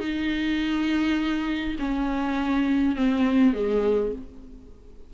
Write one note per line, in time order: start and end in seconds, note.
0.00 1.76 D#4
1.79 2.96 C#4
2.96 3.53 C4
3.53 4.12 G#3